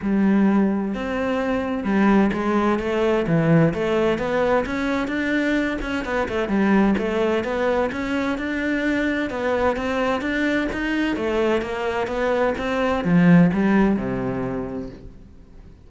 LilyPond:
\new Staff \with { instrumentName = "cello" } { \time 4/4 \tempo 4 = 129 g2 c'2 | g4 gis4 a4 e4 | a4 b4 cis'4 d'4~ | d'8 cis'8 b8 a8 g4 a4 |
b4 cis'4 d'2 | b4 c'4 d'4 dis'4 | a4 ais4 b4 c'4 | f4 g4 c2 | }